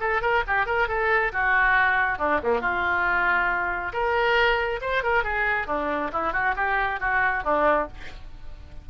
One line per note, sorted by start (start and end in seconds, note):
0.00 0.21 A4
0.21 0.43 A#4
0.47 0.66 G4
0.66 0.88 A#4
0.88 1.32 A4
1.32 2.18 F#4
2.18 2.40 D4
2.43 2.61 A#3
2.61 3.92 F4
3.93 4.80 A#4
4.81 5.03 C5
5.03 5.24 A#4
5.24 5.67 G#4
5.67 6.11 D4
6.13 6.33 E4
6.33 6.55 F#4
6.56 7.00 G4
7.00 7.44 F#4
7.44 7.88 D4